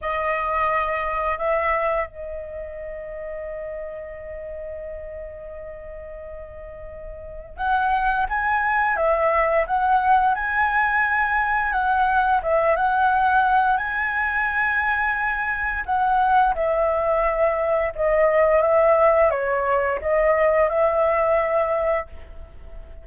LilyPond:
\new Staff \with { instrumentName = "flute" } { \time 4/4 \tempo 4 = 87 dis''2 e''4 dis''4~ | dis''1~ | dis''2. fis''4 | gis''4 e''4 fis''4 gis''4~ |
gis''4 fis''4 e''8 fis''4. | gis''2. fis''4 | e''2 dis''4 e''4 | cis''4 dis''4 e''2 | }